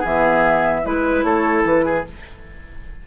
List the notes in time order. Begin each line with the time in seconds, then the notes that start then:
0.00 E3 B3 G#4 E5
0.85 G#3 E4 B4
1.24 A3 A4 C#5
1.65 E3 B4
1.86 G#4